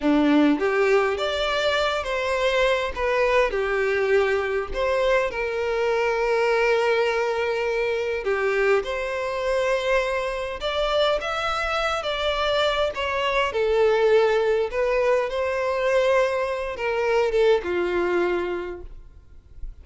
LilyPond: \new Staff \with { instrumentName = "violin" } { \time 4/4 \tempo 4 = 102 d'4 g'4 d''4. c''8~ | c''4 b'4 g'2 | c''4 ais'2.~ | ais'2 g'4 c''4~ |
c''2 d''4 e''4~ | e''8 d''4. cis''4 a'4~ | a'4 b'4 c''2~ | c''8 ais'4 a'8 f'2 | }